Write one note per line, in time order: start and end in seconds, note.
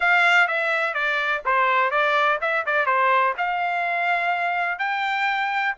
0.00 0.47 F5
0.47 0.94 E5
0.94 1.42 D5
1.45 1.90 C5
1.90 2.38 D5
2.41 2.65 E5
2.66 2.85 D5
2.85 3.33 C5
3.37 4.78 F5
4.78 5.74 G5